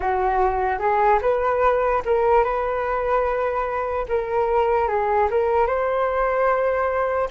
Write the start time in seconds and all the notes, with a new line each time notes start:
0.00 F#4
0.78 G#4
1.21 B4
2.05 A#4
2.43 B4
4.08 A#4
4.88 G#4
5.30 A#4
5.66 C5